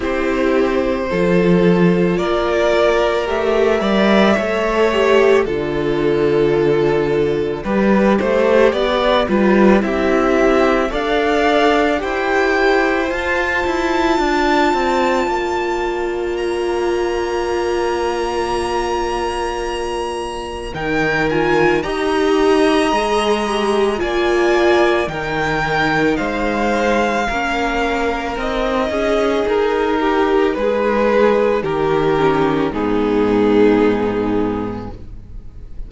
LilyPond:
<<
  \new Staff \with { instrumentName = "violin" } { \time 4/4 \tempo 4 = 55 c''2 d''4 e''4~ | e''4 d''2.~ | d''4 e''4 f''4 g''4 | a''2. ais''4~ |
ais''2. g''8 gis''8 | ais''2 gis''4 g''4 | f''2 dis''4 ais'4 | b'4 ais'4 gis'2 | }
  \new Staff \with { instrumentName = "violin" } { \time 4/4 g'4 a'4 ais'4. d''8 | cis''4 a'2 b'8 c''8 | d''8 b'8 g'4 d''4 c''4~ | c''4 d''2.~ |
d''2. ais'4 | dis''2 d''4 ais'4 | c''4 ais'4. gis'4 g'8 | gis'4 g'4 dis'2 | }
  \new Staff \with { instrumentName = "viola" } { \time 4/4 e'4 f'2 g'8 ais'8 | a'8 g'8 f'2 g'4~ | g'8 f'8 e'4 a'4 g'4 | f'1~ |
f'2. dis'8 f'8 | g'4 gis'8 g'8 f'4 dis'4~ | dis'4 cis'4 dis'2~ | dis'4. cis'8 b2 | }
  \new Staff \with { instrumentName = "cello" } { \time 4/4 c'4 f4 ais4 a8 g8 | a4 d2 g8 a8 | b8 g8 c'4 d'4 e'4 | f'8 e'8 d'8 c'8 ais2~ |
ais2. dis4 | dis'4 gis4 ais4 dis4 | gis4 ais4 c'8 cis'8 dis'4 | gis4 dis4 gis,2 | }
>>